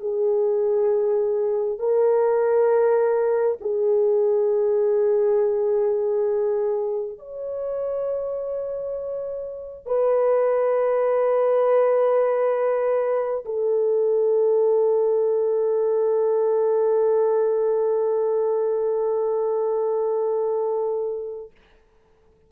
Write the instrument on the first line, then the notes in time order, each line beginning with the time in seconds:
horn
0.00 G#4
1.79 A#4
3.61 G#4
7.18 C#5
9.86 B4
13.45 A4